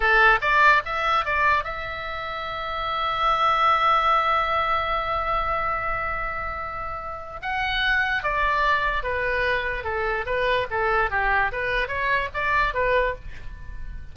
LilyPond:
\new Staff \with { instrumentName = "oboe" } { \time 4/4 \tempo 4 = 146 a'4 d''4 e''4 d''4 | e''1~ | e''1~ | e''1~ |
e''2 fis''2 | d''2 b'2 | a'4 b'4 a'4 g'4 | b'4 cis''4 d''4 b'4 | }